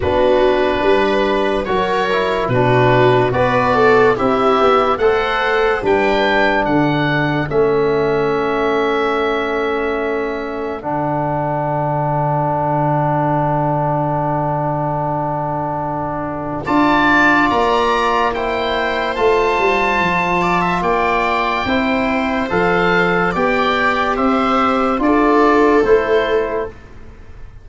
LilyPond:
<<
  \new Staff \with { instrumentName = "oboe" } { \time 4/4 \tempo 4 = 72 b'2 cis''4 b'4 | d''4 e''4 fis''4 g''4 | fis''4 e''2.~ | e''4 fis''2.~ |
fis''1 | a''4 ais''4 g''4 a''4~ | a''4 g''2 f''4 | g''4 e''4 d''4 c''4 | }
  \new Staff \with { instrumentName = "viola" } { \time 4/4 fis'4 b'4 ais'4 fis'4 | b'8 a'8 g'4 c''4 b'4 | a'1~ | a'1~ |
a'1 | d''2 c''2~ | c''8 d''16 e''16 d''4 c''2 | d''4 c''4 a'2 | }
  \new Staff \with { instrumentName = "trombone" } { \time 4/4 d'2 fis'8 e'8 d'4 | fis'4 e'4 a'4 d'4~ | d'4 cis'2.~ | cis'4 d'2.~ |
d'1 | f'2 e'4 f'4~ | f'2 e'4 a'4 | g'2 f'4 e'4 | }
  \new Staff \with { instrumentName = "tuba" } { \time 4/4 b4 g4 fis4 b,4 | b4 c'8 b8 a4 g4 | d4 a2.~ | a4 d2.~ |
d1 | d'4 ais2 a8 g8 | f4 ais4 c'4 f4 | b4 c'4 d'4 a4 | }
>>